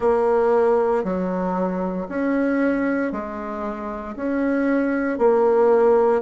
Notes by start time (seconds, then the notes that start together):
0.00 A#3
1.03 F#3
2.08 C#4
3.11 G#3
4.16 C#4
5.18 A#3